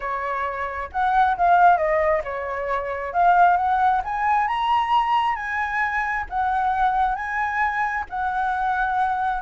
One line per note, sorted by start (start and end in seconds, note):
0.00 0.89 C#5
0.92 1.37 F#5
1.37 1.77 F5
1.77 2.21 D#5
2.24 3.13 C#5
3.13 3.56 F5
3.56 4.01 F#5
4.04 4.47 G#5
4.47 5.35 A#5
5.35 6.25 G#5
6.29 7.15 F#5
7.15 8.04 G#5
8.09 9.42 F#5